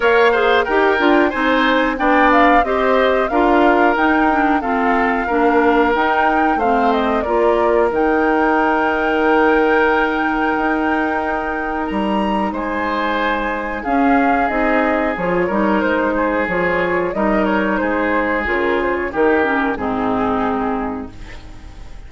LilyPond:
<<
  \new Staff \with { instrumentName = "flute" } { \time 4/4 \tempo 4 = 91 f''4 g''4 gis''4 g''8 f''8 | dis''4 f''4 g''4 f''4~ | f''4 g''4 f''8 dis''8 d''4 | g''1~ |
g''2 ais''4 gis''4~ | gis''4 f''4 dis''4 cis''4 | c''4 cis''4 dis''8 cis''8 c''4 | ais'8 c''16 cis''16 ais'4 gis'2 | }
  \new Staff \with { instrumentName = "oboe" } { \time 4/4 cis''8 c''8 ais'4 c''4 d''4 | c''4 ais'2 a'4 | ais'2 c''4 ais'4~ | ais'1~ |
ais'2. c''4~ | c''4 gis'2~ gis'8 ais'8~ | ais'8 gis'4. ais'4 gis'4~ | gis'4 g'4 dis'2 | }
  \new Staff \with { instrumentName = "clarinet" } { \time 4/4 ais'8 gis'8 g'8 f'8 dis'4 d'4 | g'4 f'4 dis'8 d'8 c'4 | d'4 dis'4 c'4 f'4 | dis'1~ |
dis'1~ | dis'4 cis'4 dis'4 f'8 dis'8~ | dis'4 f'4 dis'2 | f'4 dis'8 cis'8 c'2 | }
  \new Staff \with { instrumentName = "bassoon" } { \time 4/4 ais4 dis'8 d'8 c'4 b4 | c'4 d'4 dis'4 f'4 | ais4 dis'4 a4 ais4 | dis1 |
dis'2 g4 gis4~ | gis4 cis'4 c'4 f8 g8 | gis4 f4 g4 gis4 | cis4 dis4 gis,2 | }
>>